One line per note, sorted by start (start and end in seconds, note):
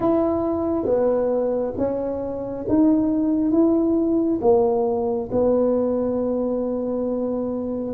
0.00 0.85 E4
0.85 1.73 B3
1.77 2.65 C#4
2.68 3.51 D#4
3.51 4.39 E4
4.41 5.29 A#3
5.31 7.93 B3